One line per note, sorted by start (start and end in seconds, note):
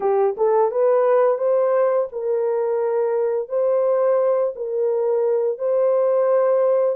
0.00 0.35 G4
0.37 0.71 A4
0.71 1.38 B4
1.38 2.07 C5
2.12 3.49 A#4
3.49 4.53 C5
4.55 5.58 A#4
5.58 6.96 C5